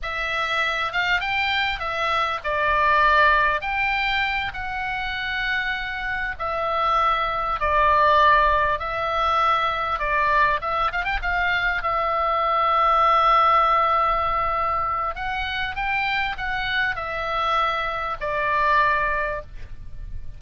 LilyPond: \new Staff \with { instrumentName = "oboe" } { \time 4/4 \tempo 4 = 99 e''4. f''8 g''4 e''4 | d''2 g''4. fis''8~ | fis''2~ fis''8 e''4.~ | e''8 d''2 e''4.~ |
e''8 d''4 e''8 f''16 g''16 f''4 e''8~ | e''1~ | e''4 fis''4 g''4 fis''4 | e''2 d''2 | }